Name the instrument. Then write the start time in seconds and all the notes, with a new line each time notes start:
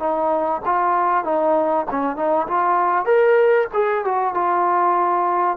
trombone
0.00 D#4
0.66 F4
1.24 D#4
1.91 C#4
2.16 D#4
2.48 F4
3.06 A#4
3.74 G#4
4.05 F#4
4.35 F4